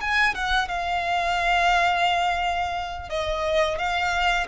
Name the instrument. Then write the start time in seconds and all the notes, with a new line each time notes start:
violin
0.00 G#5
0.34 F#5
0.68 F5
3.09 D#5
3.78 F5